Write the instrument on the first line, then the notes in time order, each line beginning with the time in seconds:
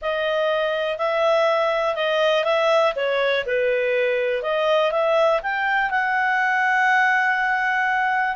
clarinet
0.01 D#5
0.97 E5
1.95 D#5
2.44 E5
2.95 C#5
3.46 B4
4.42 D#5
4.91 E5
5.42 G5
5.90 F#5